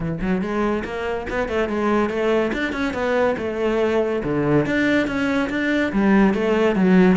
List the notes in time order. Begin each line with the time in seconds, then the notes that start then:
0.00 E3
0.21 F#3
0.41 G#3
0.84 A#3
1.29 B3
1.48 A3
1.68 G#3
2.09 A3
2.53 D4
2.72 C#4
2.93 B3
3.37 A3
4.23 D3
4.66 D4
5.07 C#4
5.49 D4
5.92 G3
6.33 A3
6.75 F#3